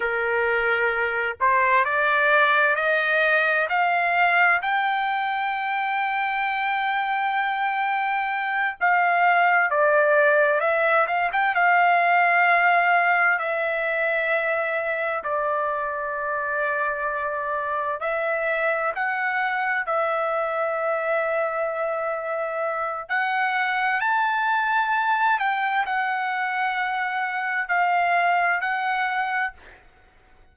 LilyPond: \new Staff \with { instrumentName = "trumpet" } { \time 4/4 \tempo 4 = 65 ais'4. c''8 d''4 dis''4 | f''4 g''2.~ | g''4. f''4 d''4 e''8 | f''16 g''16 f''2 e''4.~ |
e''8 d''2. e''8~ | e''8 fis''4 e''2~ e''8~ | e''4 fis''4 a''4. g''8 | fis''2 f''4 fis''4 | }